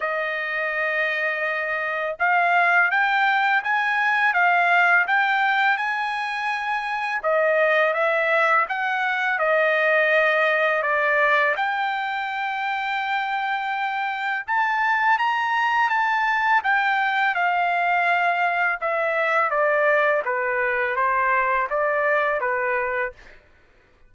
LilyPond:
\new Staff \with { instrumentName = "trumpet" } { \time 4/4 \tempo 4 = 83 dis''2. f''4 | g''4 gis''4 f''4 g''4 | gis''2 dis''4 e''4 | fis''4 dis''2 d''4 |
g''1 | a''4 ais''4 a''4 g''4 | f''2 e''4 d''4 | b'4 c''4 d''4 b'4 | }